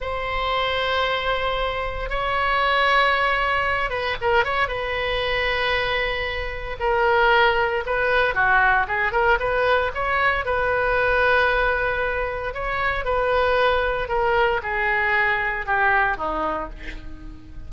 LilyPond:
\new Staff \with { instrumentName = "oboe" } { \time 4/4 \tempo 4 = 115 c''1 | cis''2.~ cis''8 b'8 | ais'8 cis''8 b'2.~ | b'4 ais'2 b'4 |
fis'4 gis'8 ais'8 b'4 cis''4 | b'1 | cis''4 b'2 ais'4 | gis'2 g'4 dis'4 | }